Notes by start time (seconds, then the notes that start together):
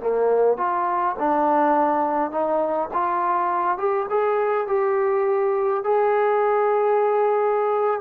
0.00 A#3
0.57 F4
1.19 D4
2.31 D#4
2.93 F4
3.78 G4
4.10 G#4
4.68 G4
5.84 G#4